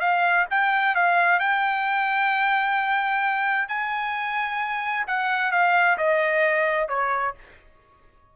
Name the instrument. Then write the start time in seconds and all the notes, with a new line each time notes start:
trumpet
0.00 F5
0.51 G5
0.95 F5
1.40 G5
3.68 G#5
5.07 F#5
5.52 F5
5.98 D#5
6.89 C#5